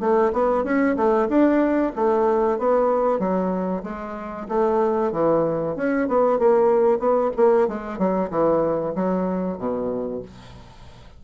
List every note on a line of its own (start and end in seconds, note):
0.00 0.32 A3
0.32 0.64 B3
0.64 0.96 C#4
0.96 1.28 A3
1.29 1.92 D4
1.95 2.58 A3
2.58 3.19 B3
3.19 3.83 F#3
3.83 4.47 G#3
4.48 5.12 A3
5.12 5.76 E3
5.76 6.08 C#4
6.08 6.39 B3
6.39 6.99 A#3
6.99 7.31 B3
7.36 7.68 A#3
7.68 7.98 G#3
7.98 8.30 F#3
8.30 8.94 E3
8.95 9.58 F#3
9.58 10.22 B2